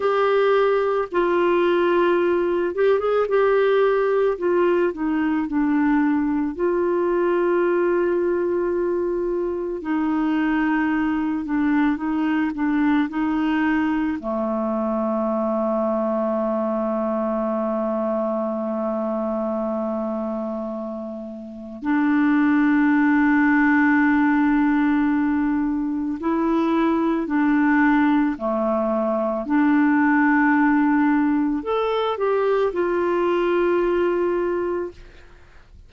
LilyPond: \new Staff \with { instrumentName = "clarinet" } { \time 4/4 \tempo 4 = 55 g'4 f'4. g'16 gis'16 g'4 | f'8 dis'8 d'4 f'2~ | f'4 dis'4. d'8 dis'8 d'8 | dis'4 a2.~ |
a1 | d'1 | e'4 d'4 a4 d'4~ | d'4 a'8 g'8 f'2 | }